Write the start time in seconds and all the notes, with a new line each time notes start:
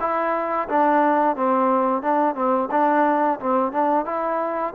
0.00 E4
0.68 D4
1.36 C4
2.02 D4
2.35 C4
2.71 D4
3.39 C4
3.72 D4
4.05 E4